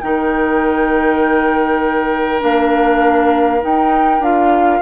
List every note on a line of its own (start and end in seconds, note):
0.00 2.42 D#3
0.00 2.40 D#4
0.00 4.82 A#4
0.00 2.40 G5
2.40 3.63 A#3
2.40 3.60 D4
2.40 3.62 F5
3.60 4.20 D#4
3.60 4.19 D#4
3.60 4.23 G5
4.19 4.79 D4
4.19 4.82 F4
4.19 4.82 F5